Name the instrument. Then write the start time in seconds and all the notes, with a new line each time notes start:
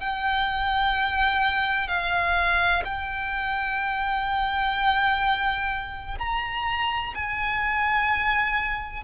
violin
0.00 G5
1.87 F5
2.84 G5
6.19 A#5
7.15 G#5